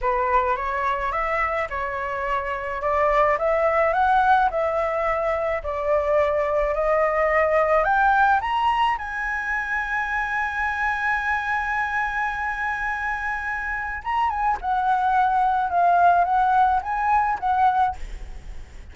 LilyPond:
\new Staff \with { instrumentName = "flute" } { \time 4/4 \tempo 4 = 107 b'4 cis''4 e''4 cis''4~ | cis''4 d''4 e''4 fis''4 | e''2 d''2 | dis''2 g''4 ais''4 |
gis''1~ | gis''1~ | gis''4 ais''8 gis''8 fis''2 | f''4 fis''4 gis''4 fis''4 | }